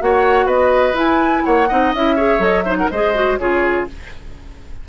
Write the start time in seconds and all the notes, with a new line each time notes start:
0.00 A#3 F#4 C#5 F#5
0.45 B3 B4 D#5
0.93 E4 G#5
1.45 A#3 C#5 F#5
1.68 C4 D#4 D#5
1.93 C#4 E4 E5
2.16 G#4 C#5
2.39 F#3 A4 D#5
2.62 D#4 C5 E5
2.77 A#4 F#5
2.90 G#3 G#4 C5 D#5
3.14 F#4
3.38 C#3 F4 G#4 C#5